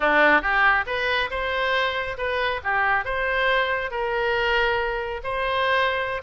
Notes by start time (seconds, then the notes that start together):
0.00 D4
0.41 G4
0.86 B4
1.30 C5
2.17 B4
2.63 G4
3.04 C5
3.90 A#4
5.23 C5